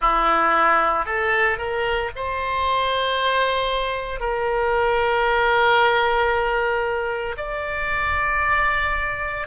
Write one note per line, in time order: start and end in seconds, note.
0.01 1.05 E4
1.05 1.57 A4
1.57 2.10 A#4
2.15 4.20 C5
4.20 7.35 A#4
7.37 9.47 D5